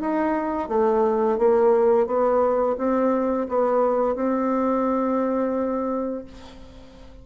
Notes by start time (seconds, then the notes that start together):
0.00 D#4
0.69 A3
1.38 A#3
2.06 B3
2.78 C4
3.49 B3
4.15 C4